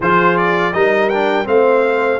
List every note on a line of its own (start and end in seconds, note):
0.00 0.73 F3
0.00 0.73 F4
0.00 0.73 G#4
0.00 0.37 C5
0.37 0.73 D5
0.73 1.46 G3
0.73 1.10 D#4
0.73 1.47 A#4
0.73 1.09 D#5
1.09 1.45 D4
1.09 1.46 G5
1.45 2.19 A3
1.45 2.19 C4
1.45 2.19 F5
1.51 2.19 C5